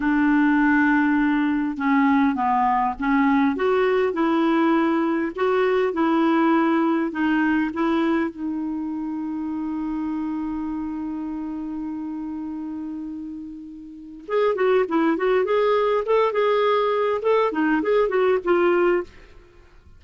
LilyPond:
\new Staff \with { instrumentName = "clarinet" } { \time 4/4 \tempo 4 = 101 d'2. cis'4 | b4 cis'4 fis'4 e'4~ | e'4 fis'4 e'2 | dis'4 e'4 dis'2~ |
dis'1~ | dis'1 | gis'8 fis'8 e'8 fis'8 gis'4 a'8 gis'8~ | gis'4 a'8 dis'8 gis'8 fis'8 f'4 | }